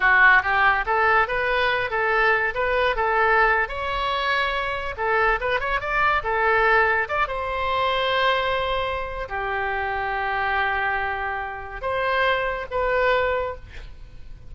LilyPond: \new Staff \with { instrumentName = "oboe" } { \time 4/4 \tempo 4 = 142 fis'4 g'4 a'4 b'4~ | b'8 a'4. b'4 a'4~ | a'8. cis''2. a'16~ | a'8. b'8 cis''8 d''4 a'4~ a'16~ |
a'8. d''8 c''2~ c''8.~ | c''2 g'2~ | g'1 | c''2 b'2 | }